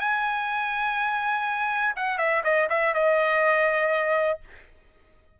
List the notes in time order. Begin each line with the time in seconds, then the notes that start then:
0.00 G#5
1.96 F#5
2.18 E5
2.44 D#5
2.70 E5
2.94 D#5